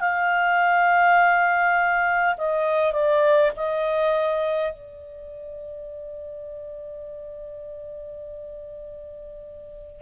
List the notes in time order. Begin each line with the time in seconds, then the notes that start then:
0.00 F5
2.37 D#5
2.93 D5
3.56 D#5
4.72 D5